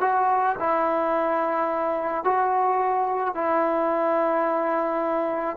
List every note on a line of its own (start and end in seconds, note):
0.00 0.56 F#4
0.59 2.24 E4
2.24 3.34 F#4
3.34 5.56 E4